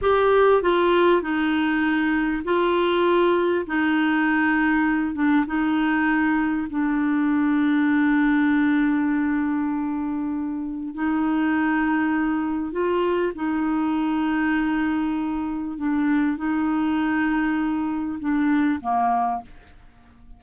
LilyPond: \new Staff \with { instrumentName = "clarinet" } { \time 4/4 \tempo 4 = 99 g'4 f'4 dis'2 | f'2 dis'2~ | dis'8 d'8 dis'2 d'4~ | d'1~ |
d'2 dis'2~ | dis'4 f'4 dis'2~ | dis'2 d'4 dis'4~ | dis'2 d'4 ais4 | }